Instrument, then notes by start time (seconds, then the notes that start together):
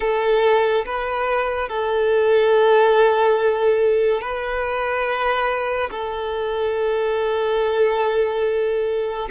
violin
0.00 A4
0.85 B4
1.69 A4
4.21 B4
5.90 A4